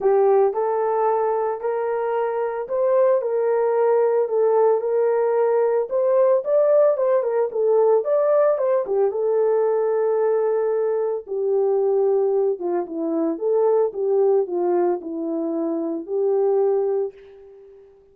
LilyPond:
\new Staff \with { instrumentName = "horn" } { \time 4/4 \tempo 4 = 112 g'4 a'2 ais'4~ | ais'4 c''4 ais'2 | a'4 ais'2 c''4 | d''4 c''8 ais'8 a'4 d''4 |
c''8 g'8 a'2.~ | a'4 g'2~ g'8 f'8 | e'4 a'4 g'4 f'4 | e'2 g'2 | }